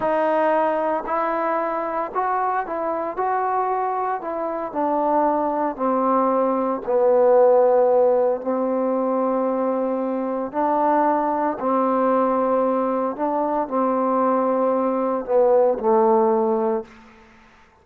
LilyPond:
\new Staff \with { instrumentName = "trombone" } { \time 4/4 \tempo 4 = 114 dis'2 e'2 | fis'4 e'4 fis'2 | e'4 d'2 c'4~ | c'4 b2. |
c'1 | d'2 c'2~ | c'4 d'4 c'2~ | c'4 b4 a2 | }